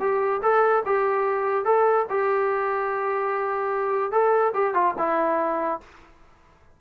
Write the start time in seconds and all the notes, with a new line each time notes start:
0.00 G4
0.42 A4
0.86 G4
1.65 A4
2.10 G4
4.12 A4
4.54 G4
4.74 F4
4.98 E4